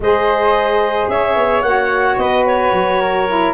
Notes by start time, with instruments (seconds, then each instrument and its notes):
0.00 tuba G#3, saxophone G#4, flute C5, clarinet D#5
1.08 tuba C#4, flute C#5, clarinet E5
1.35 tuba B3
1.61 tuba A#3, saxophone F#4, clarinet F#5
2.17 tuba B3, flute B4, clarinet D#5
2.46 clarinet C#5
2.71 tuba F#3
3.00 flute A#4
3.27 saxophone E4